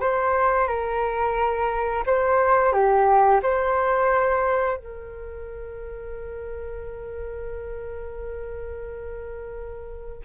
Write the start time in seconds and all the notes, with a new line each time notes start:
0.00 C5
0.67 A#4
2.06 C5
2.72 G4
3.42 C5
4.77 A#4